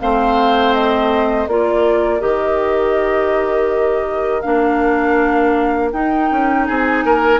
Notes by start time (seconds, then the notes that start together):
0.00 A3 C4 C5 F5
0.74 D#5
1.47 A#3 F4 A#4 D5
2.20 D#3 G4 D#5
4.41 A#3 D4 F5
5.92 D#4 G5
6.31 C#4
6.67 C4 G#4 G#5
7.05 A#3 A#4